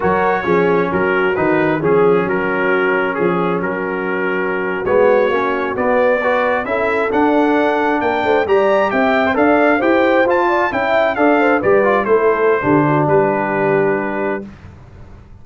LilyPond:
<<
  \new Staff \with { instrumentName = "trumpet" } { \time 4/4 \tempo 4 = 133 cis''2 ais'4 b'4 | gis'4 ais'2 gis'4 | ais'2~ ais'8. cis''4~ cis''16~ | cis''8. d''2 e''4 fis''16~ |
fis''4.~ fis''16 g''4 ais''4 g''16~ | g''8. f''4 g''4 a''4 g''16~ | g''8. f''4 d''4 c''4~ c''16~ | c''4 b'2. | }
  \new Staff \with { instrumentName = "horn" } { \time 4/4 ais'4 gis'4 fis'2 | gis'4 fis'2 gis'4 | fis'1~ | fis'4.~ fis'16 b'4 a'4~ a'16~ |
a'4.~ a'16 ais'8 c''8 d''4 e''16~ | e''8. d''4 c''4. d''8 e''16~ | e''8. d''8 c''8 b'4 a'4~ a'16 | g'8 fis'8 g'2. | }
  \new Staff \with { instrumentName = "trombone" } { \time 4/4 fis'4 cis'2 dis'4 | cis'1~ | cis'2~ cis'8. b4 cis'16~ | cis'8. b4 fis'4 e'4 d'16~ |
d'2~ d'8. g'4~ g'16~ | g'8 c''16 a'4 g'4 f'4 e'16~ | e'8. a'4 g'8 f'8 e'4~ e'16 | d'1 | }
  \new Staff \with { instrumentName = "tuba" } { \time 4/4 fis4 f4 fis4 dis4 | f4 fis2 f4 | fis2~ fis8. gis4 ais16~ | ais8. b2 cis'4 d'16~ |
d'4.~ d'16 ais8 a8 g4 c'16~ | c'8. d'4 e'4 f'4 cis'16~ | cis'8. d'4 g4 a4~ a16 | d4 g2. | }
>>